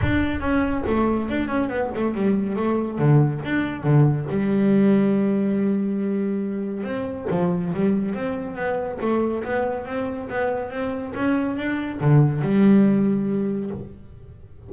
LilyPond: \new Staff \with { instrumentName = "double bass" } { \time 4/4 \tempo 4 = 140 d'4 cis'4 a4 d'8 cis'8 | b8 a8 g4 a4 d4 | d'4 d4 g2~ | g1 |
c'4 f4 g4 c'4 | b4 a4 b4 c'4 | b4 c'4 cis'4 d'4 | d4 g2. | }